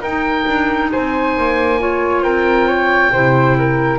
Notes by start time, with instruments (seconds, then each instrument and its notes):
0.00 double bass D#4, flute A#4, oboe G5
0.06 clarinet D#4
0.47 double bass D4
0.92 double bass C4, flute C5, oboe G#5
1.37 double bass A#3
1.79 clarinet F4, flute C#5
2.22 double bass C4, flute A#4, oboe G5
2.67 flute C#5
3.12 double bass C3, clarinet E4, flute C5
3.58 flute A#4